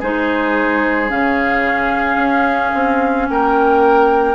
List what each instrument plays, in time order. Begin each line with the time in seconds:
0.00 bassoon G#3, clarinet D#4, oboe G#4, flute C5
1.09 bassoon C#3, clarinet C#4, flute F5
2.17 bassoon C#4
2.75 bassoon C4
3.29 bassoon A#3, oboe A#4, flute G5